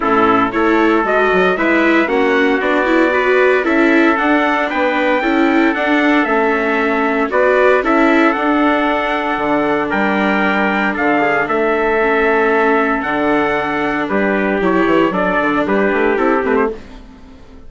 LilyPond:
<<
  \new Staff \with { instrumentName = "trumpet" } { \time 4/4 \tempo 4 = 115 a'4 cis''4 dis''4 e''4 | fis''4 d''2 e''4 | fis''4 g''2 fis''4 | e''2 d''4 e''4 |
fis''2. g''4~ | g''4 f''4 e''2~ | e''4 fis''2 b'4 | cis''4 d''4 b'4 a'8 b'16 c''16 | }
  \new Staff \with { instrumentName = "trumpet" } { \time 4/4 e'4 a'2 b'4 | fis'2 b'4 a'4~ | a'4 b'4 a'2~ | a'2 b'4 a'4~ |
a'2. ais'4~ | ais'4 a'8 gis'8 a'2~ | a'2. g'4~ | g'4 a'4 g'2 | }
  \new Staff \with { instrumentName = "viola" } { \time 4/4 cis'4 e'4 fis'4 e'4 | cis'4 d'8 e'8 fis'4 e'4 | d'2 e'4 d'4 | cis'2 fis'4 e'4 |
d'1~ | d'2. cis'4~ | cis'4 d'2. | e'4 d'2 e'8 c'8 | }
  \new Staff \with { instrumentName = "bassoon" } { \time 4/4 a,4 a4 gis8 fis8 gis4 | ais4 b2 cis'4 | d'4 b4 cis'4 d'4 | a2 b4 cis'4 |
d'2 d4 g4~ | g4 d4 a2~ | a4 d2 g4 | fis8 e8 fis8 d8 g8 a8 c'8 a8 | }
>>